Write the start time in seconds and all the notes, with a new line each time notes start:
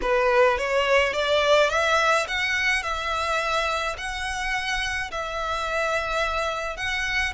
0.01 B4
0.58 C#5
1.13 D5
1.69 E5
2.27 F#5
2.83 E5
3.97 F#5
5.11 E5
6.76 F#5